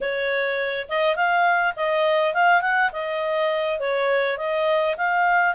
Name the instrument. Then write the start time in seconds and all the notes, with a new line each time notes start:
clarinet
0.00 C#5
0.88 D#5
1.15 F5
1.76 D#5
2.34 F5
2.61 F#5
2.92 D#5
3.79 C#5
4.37 D#5
4.97 F5